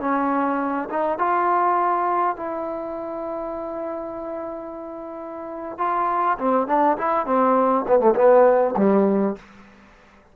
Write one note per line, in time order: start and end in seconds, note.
0.00 0.89 C#4
0.90 1.19 D#4
1.19 2.37 F4
2.37 5.78 E4
5.78 6.38 F4
6.39 6.68 C4
6.68 6.97 D4
6.98 7.26 E4
7.26 7.86 C4
7.88 8.00 B3
8.00 8.15 A3
8.15 8.75 B3
8.77 9.36 G3